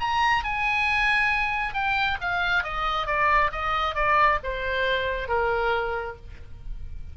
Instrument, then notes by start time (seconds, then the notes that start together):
oboe
0.00 A#5
0.44 G#5
1.74 G5
2.21 F5
2.63 D#5
3.07 D5
3.52 D#5
3.95 D5
4.43 C5
5.28 A#4